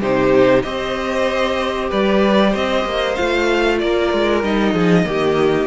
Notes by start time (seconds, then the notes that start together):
0.00 C3 D#4 G4 C5
0.62 C4 G4 C5 D#5
1.90 G3 B4 D5
2.51 C4 C5 D#5
2.85 A#3
3.15 A3 F4 F5
3.79 A#3 A#4 D5
4.13 G#3
4.43 G3 D#4 D#5
4.73 F3 G#4
5.05 D#3 A#3 G4